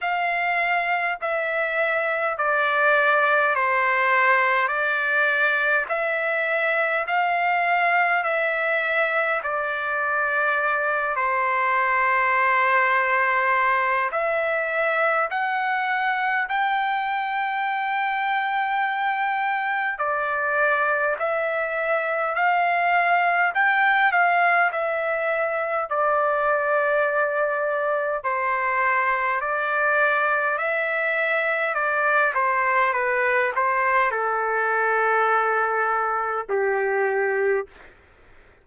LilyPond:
\new Staff \with { instrumentName = "trumpet" } { \time 4/4 \tempo 4 = 51 f''4 e''4 d''4 c''4 | d''4 e''4 f''4 e''4 | d''4. c''2~ c''8 | e''4 fis''4 g''2~ |
g''4 d''4 e''4 f''4 | g''8 f''8 e''4 d''2 | c''4 d''4 e''4 d''8 c''8 | b'8 c''8 a'2 g'4 | }